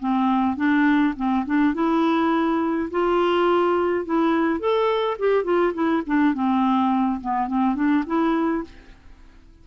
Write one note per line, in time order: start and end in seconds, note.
0.00 0.57 C4
0.57 1.14 D4
1.17 1.46 C4
1.46 1.74 D4
1.74 2.90 E4
2.91 4.06 F4
4.06 4.60 E4
4.60 5.17 A4
5.19 5.44 G4
5.44 5.73 F4
5.74 6.03 E4
6.07 6.34 D4
6.34 7.21 C4
7.21 7.48 B3
7.48 7.75 C4
7.75 8.04 D4
8.07 8.64 E4